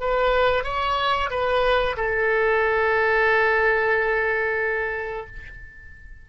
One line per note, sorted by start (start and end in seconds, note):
0.00 0.64 B4
0.64 1.29 C#5
1.30 1.96 B4
1.96 5.26 A4